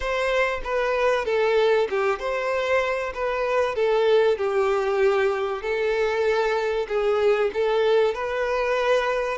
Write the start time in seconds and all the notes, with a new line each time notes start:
0.00 C5
0.64 B4
1.25 A4
1.89 G4
2.19 C5
3.14 B4
3.75 A4
4.38 G4
5.62 A4
6.88 G#4
7.53 A4
8.14 B4